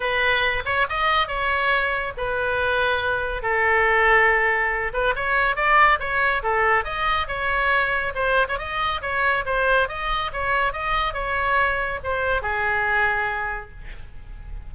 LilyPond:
\new Staff \with { instrumentName = "oboe" } { \time 4/4 \tempo 4 = 140 b'4. cis''8 dis''4 cis''4~ | cis''4 b'2. | a'2.~ a'8 b'8 | cis''4 d''4 cis''4 a'4 |
dis''4 cis''2 c''8. cis''16 | dis''4 cis''4 c''4 dis''4 | cis''4 dis''4 cis''2 | c''4 gis'2. | }